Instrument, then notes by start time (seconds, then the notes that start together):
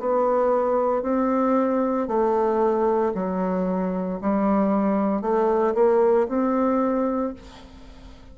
bassoon
0.00 B3
1.03 C4
2.08 A3
3.14 F#3
4.22 G3
5.22 A3
5.75 A#3
6.29 C4